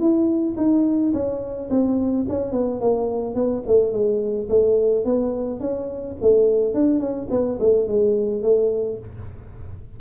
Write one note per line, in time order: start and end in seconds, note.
0.00 0.56 E4
0.57 1.13 D#4
1.14 1.70 C#4
1.70 2.26 C4
2.29 2.53 C#4
2.53 2.81 B3
2.81 3.35 A#3
3.35 3.63 B3
3.67 3.93 A3
3.93 4.49 G#3
4.50 5.05 A3
5.05 5.60 B3
5.60 6.17 C#4
6.22 6.75 A3
6.75 7.00 D4
7.00 7.28 C#4
7.31 7.59 B3
7.60 7.88 A3
7.88 8.43 G#3
8.43 8.99 A3